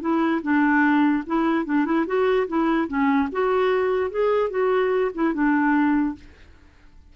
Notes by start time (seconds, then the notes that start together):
0.00 E4
0.42 D4
1.26 E4
1.65 D4
1.85 E4
2.06 F#4
2.47 E4
2.87 C#4
3.32 F#4
4.10 G#4
4.50 F#4
5.14 E4
5.34 D4